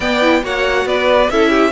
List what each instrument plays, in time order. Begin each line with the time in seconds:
0.00 cello B3, viola B3, violin D5 G5
0.21 viola E4
0.41 cello A#3, viola F#4, violin C#5 F#5
0.85 cello B3, violin B4 D5
1.30 cello C#4, viola E4, violin A4 E5
1.49 violin G4